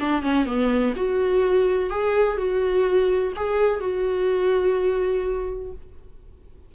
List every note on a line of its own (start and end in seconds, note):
0.00 0.22 D4
0.22 0.46 C#4
0.46 0.94 B3
0.96 1.90 F#4
1.90 2.37 G#4
2.37 3.33 F#4
3.36 3.80 G#4
3.80 5.72 F#4